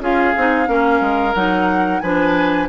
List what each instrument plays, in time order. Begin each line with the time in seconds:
0.00 bassoon C#4, clarinet F4, oboe G#4, flute F5
0.37 bassoon C4, clarinet D#4
0.67 bassoon A#3, clarinet C#4, oboe A#4
1.01 bassoon G#3
1.35 bassoon F#3, clarinet D#4, flute F#5
2.00 bassoon F3, clarinet D4, oboe B4, flute G#5